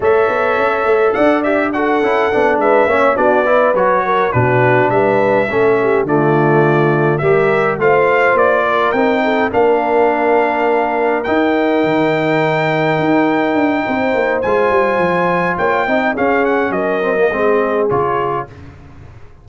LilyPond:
<<
  \new Staff \with { instrumentName = "trumpet" } { \time 4/4 \tempo 4 = 104 e''2 fis''8 e''8 fis''4~ | fis''8 e''4 d''4 cis''4 b'8~ | b'8 e''2 d''4.~ | d''8 e''4 f''4 d''4 g''8~ |
g''8 f''2. g''8~ | g''1~ | g''4 gis''2 g''4 | f''8 fis''8 dis''2 cis''4 | }
  \new Staff \with { instrumentName = "horn" } { \time 4/4 cis''2 d''4 a'4~ | a'8 b'8 cis''8 fis'8 b'4 ais'8 fis'8~ | fis'8 b'4 a'8 g'8 f'4.~ | f'8 ais'4 c''4. ais'4 |
a'8 ais'2.~ ais'8~ | ais'1 | c''2. cis''8 dis''8 | gis'4 ais'4 gis'2 | }
  \new Staff \with { instrumentName = "trombone" } { \time 4/4 a'2~ a'8 g'8 fis'8 e'8 | d'4 cis'8 d'8 e'8 fis'4 d'8~ | d'4. cis'4 a4.~ | a8 g'4 f'2 dis'8~ |
dis'8 d'2. dis'8~ | dis'1~ | dis'4 f'2~ f'8 dis'8 | cis'4. c'16 ais16 c'4 f'4 | }
  \new Staff \with { instrumentName = "tuba" } { \time 4/4 a8 b8 cis'8 a8 d'4. cis'8 | b8 gis8 ais8 b4 fis4 b,8~ | b,8 g4 a4 d4.~ | d8 g4 a4 ais4 c'8~ |
c'8 ais2. dis'8~ | dis'8 dis2 dis'4 d'8 | c'8 ais8 gis8 g8 f4 ais8 c'8 | cis'4 fis4 gis4 cis4 | }
>>